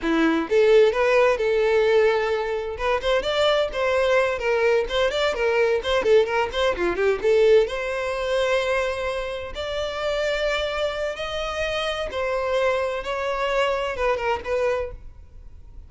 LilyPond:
\new Staff \with { instrumentName = "violin" } { \time 4/4 \tempo 4 = 129 e'4 a'4 b'4 a'4~ | a'2 b'8 c''8 d''4 | c''4. ais'4 c''8 d''8 ais'8~ | ais'8 c''8 a'8 ais'8 c''8 f'8 g'8 a'8~ |
a'8 c''2.~ c''8~ | c''8 d''2.~ d''8 | dis''2 c''2 | cis''2 b'8 ais'8 b'4 | }